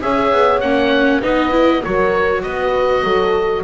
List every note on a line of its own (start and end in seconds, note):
0.00 0.32 C#4
0.00 0.61 G#4
0.00 1.20 C#5
0.00 0.60 E5
0.32 0.61 B3
0.60 1.22 A#3
0.60 1.22 C#4
0.60 1.21 F#5
1.20 1.83 B3
1.20 1.50 D#4
1.20 1.80 B4
1.20 1.83 D#5
1.50 1.81 E4
1.81 2.43 F#3
1.81 3.63 F#4
1.81 2.41 A#4
1.81 2.42 C#5
2.42 3.03 B3
2.42 3.03 B4
2.42 3.63 D#5
3.03 3.63 F#3
3.03 3.63 A4